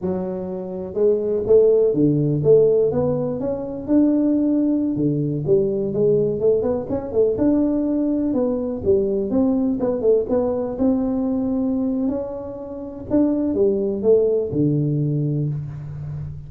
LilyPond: \new Staff \with { instrumentName = "tuba" } { \time 4/4 \tempo 4 = 124 fis2 gis4 a4 | d4 a4 b4 cis'4 | d'2~ d'16 d4 g8.~ | g16 gis4 a8 b8 cis'8 a8 d'8.~ |
d'4~ d'16 b4 g4 c'8.~ | c'16 b8 a8 b4 c'4.~ c'16~ | c'4 cis'2 d'4 | g4 a4 d2 | }